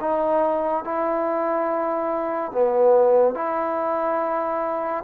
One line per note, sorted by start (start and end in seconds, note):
0.00 0.84 D#4
0.84 2.51 E4
2.51 3.34 B3
3.34 5.03 E4